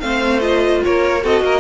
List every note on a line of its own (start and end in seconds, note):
0.00 0.82 A3
0.00 0.40 C4
0.00 0.84 C5
0.00 0.40 F5
0.40 1.20 F4
0.40 0.81 D#5
0.85 1.24 A#3
0.85 1.23 A#4
0.85 1.25 C#5
1.22 1.41 C4
1.22 1.60 F#4
1.22 1.43 A4
1.22 1.60 D#5
1.41 1.60 A#3
1.41 1.60 A#4